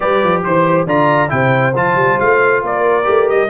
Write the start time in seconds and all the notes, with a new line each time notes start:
0.00 G3 G4 B4 D5
0.23 F3
0.44 E3 C5
0.86 D3 F4 D5 A#5
1.28 C3 E4 C5 G5
1.75 F3 F4 A5
1.95 G3
2.19 A3 F5
2.62 A#3 A#4 D5
3.03 A3 G4
3.29 G3 D#5